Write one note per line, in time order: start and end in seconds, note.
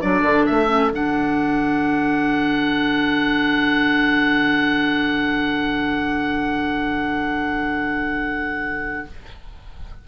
0.00 0.22 F#3
0.00 0.67 D4
0.00 9.06 A4
0.00 0.45 D5
0.22 0.45 D3
0.45 0.91 A3
0.45 0.91 E5
0.67 0.89 C#4
0.91 9.04 D3
0.91 9.06 D4
0.91 9.07 F#5